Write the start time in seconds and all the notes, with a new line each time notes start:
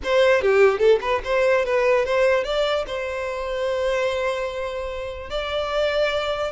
0.03 C5
0.41 G4
0.78 A4
1.01 B4
1.24 C5
1.65 B4
2.05 C5
2.44 D5
2.86 C5
5.29 D5